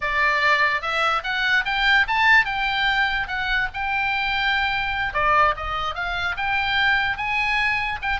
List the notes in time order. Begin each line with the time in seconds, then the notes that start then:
0.01 D5
0.81 E5
1.23 F#5
1.65 G5
2.07 A5
2.45 G5
3.27 F#5
3.73 G5
5.13 D5
5.56 D#5
5.94 F5
6.36 G5
7.17 G#5
8.02 G5